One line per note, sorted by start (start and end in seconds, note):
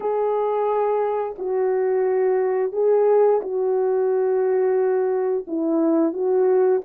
0.00 1.35 G#4
1.38 2.72 F#4
2.72 3.40 G#4
3.41 5.45 F#4
5.47 6.13 E4
6.13 6.81 F#4